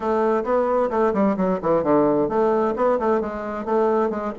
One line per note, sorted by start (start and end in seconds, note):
0.00 0.43 A3
0.44 0.89 B3
0.90 1.13 A3
1.13 1.36 G3
1.36 1.59 F#3
1.62 1.83 E3
1.83 2.28 D3
2.28 2.74 A3
2.76 2.99 B3
2.99 3.20 A3
3.20 3.65 G#3
3.65 4.10 A3
4.10 4.32 G#3